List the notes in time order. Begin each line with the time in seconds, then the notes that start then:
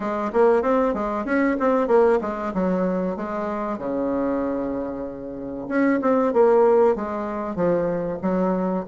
0.00 G#3
0.32 A#3
0.62 C4
0.94 G#3
1.25 C#4
1.59 C4
1.87 A#3
2.21 G#3
2.53 F#3
3.16 G#3
3.78 C#3
5.68 C#4
6.01 C4
6.33 A#3
6.95 G#3
7.55 F3
8.22 F#3